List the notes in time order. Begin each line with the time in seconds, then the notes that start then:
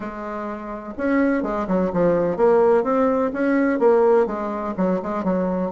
0.00 G#3
0.97 C#4
1.42 G#3
1.67 F#3
1.93 F3
2.36 A#3
2.83 C4
3.33 C#4
3.79 A#3
4.26 G#3
4.77 F#3
5.02 G#3
5.24 F#3